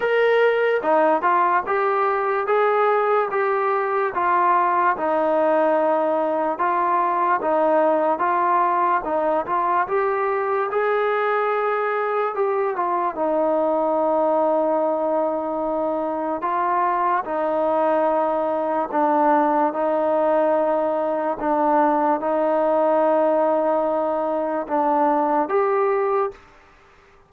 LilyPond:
\new Staff \with { instrumentName = "trombone" } { \time 4/4 \tempo 4 = 73 ais'4 dis'8 f'8 g'4 gis'4 | g'4 f'4 dis'2 | f'4 dis'4 f'4 dis'8 f'8 | g'4 gis'2 g'8 f'8 |
dis'1 | f'4 dis'2 d'4 | dis'2 d'4 dis'4~ | dis'2 d'4 g'4 | }